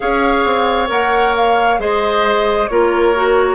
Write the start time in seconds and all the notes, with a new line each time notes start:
0.00 C#4 G#4 C#5 F5
0.44 C4
0.87 A#3 A#4 F#5
1.35 F5
1.78 G#3 G#4 C5 D#5
2.67 A#3 F4 A#4 C#5
3.14 F#4